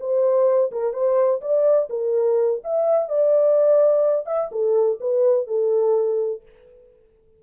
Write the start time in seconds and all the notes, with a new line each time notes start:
0.00 C5
0.72 A#4
0.93 C5
1.41 D5
1.90 A#4
2.64 E5
3.09 D5
4.26 E5
4.52 A4
5.00 B4
5.47 A4